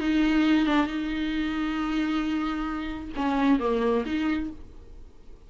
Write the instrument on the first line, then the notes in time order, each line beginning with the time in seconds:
viola
0.00 D#4
0.66 D4
0.86 D#4
3.16 C#4
3.59 A#3
4.06 D#4